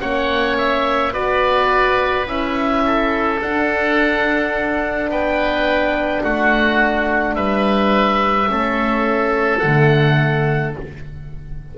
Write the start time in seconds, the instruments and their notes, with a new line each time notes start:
0.00 double bass A#3, horn C#4, oboe C#5 F#5
0.58 oboe E5
1.12 double bass B3, horn F#4, oboe B4 D5
2.26 double bass C#4, horn E4, oboe E5
2.85 oboe A4
3.41 double bass D4, horn D4, oboe F#5
5.08 double bass B3, oboe B4 G5
6.22 double bass A3, oboe F#4 F#5
7.35 double bass G3, oboe B4 E5
8.47 double bass A3, horn C#4, oboe A4
9.59 double bass D3, horn A3, oboe F#5